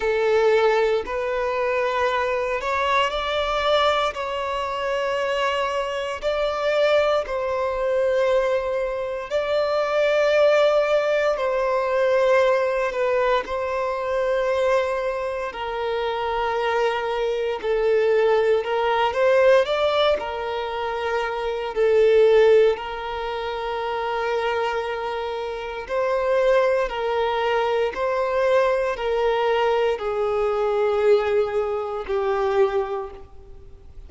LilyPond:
\new Staff \with { instrumentName = "violin" } { \time 4/4 \tempo 4 = 58 a'4 b'4. cis''8 d''4 | cis''2 d''4 c''4~ | c''4 d''2 c''4~ | c''8 b'8 c''2 ais'4~ |
ais'4 a'4 ais'8 c''8 d''8 ais'8~ | ais'4 a'4 ais'2~ | ais'4 c''4 ais'4 c''4 | ais'4 gis'2 g'4 | }